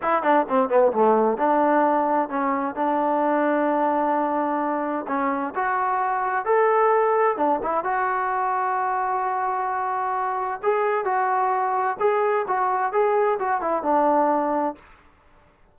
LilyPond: \new Staff \with { instrumentName = "trombone" } { \time 4/4 \tempo 4 = 130 e'8 d'8 c'8 b8 a4 d'4~ | d'4 cis'4 d'2~ | d'2. cis'4 | fis'2 a'2 |
d'8 e'8 fis'2.~ | fis'2. gis'4 | fis'2 gis'4 fis'4 | gis'4 fis'8 e'8 d'2 | }